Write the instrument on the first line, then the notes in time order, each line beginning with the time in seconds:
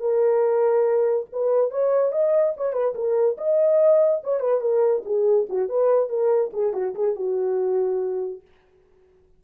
horn
0.00 A#4
1.32 B4
1.71 C#5
2.12 D#5
2.57 C#5
2.72 B4
2.94 A#4
3.37 D#5
4.24 C#5
4.40 B4
4.61 A#4
5.05 G#4
5.49 F#4
5.69 B4
6.09 A#4
6.53 G#4
6.73 F#4
6.94 G#4
7.15 F#4